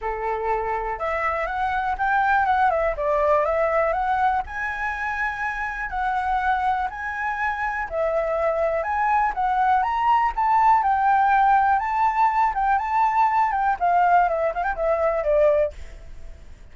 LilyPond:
\new Staff \with { instrumentName = "flute" } { \time 4/4 \tempo 4 = 122 a'2 e''4 fis''4 | g''4 fis''8 e''8 d''4 e''4 | fis''4 gis''2. | fis''2 gis''2 |
e''2 gis''4 fis''4 | ais''4 a''4 g''2 | a''4. g''8 a''4. g''8 | f''4 e''8 f''16 g''16 e''4 d''4 | }